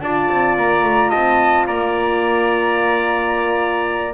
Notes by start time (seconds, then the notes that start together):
0.00 D4 F4 D5 A5
0.29 C4
0.57 A#3 A#5
0.83 A3
1.10 C4 D#5 A5
1.66 A#3 D5 A#5